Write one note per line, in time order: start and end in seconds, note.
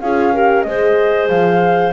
0.00 0.65 C#4
0.00 0.35 F4
0.00 0.33 G#4
0.00 0.63 F5
0.33 0.66 G4
0.33 0.65 A#4
0.63 1.29 G#3
0.63 1.93 G#4
0.63 1.93 C5
0.63 1.27 D#5
1.29 1.93 F3
1.29 1.93 F5